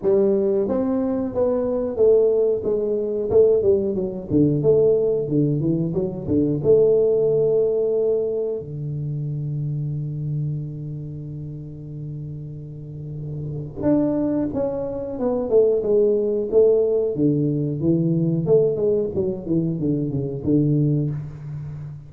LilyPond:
\new Staff \with { instrumentName = "tuba" } { \time 4/4 \tempo 4 = 91 g4 c'4 b4 a4 | gis4 a8 g8 fis8 d8 a4 | d8 e8 fis8 d8 a2~ | a4 d2.~ |
d1~ | d4 d'4 cis'4 b8 a8 | gis4 a4 d4 e4 | a8 gis8 fis8 e8 d8 cis8 d4 | }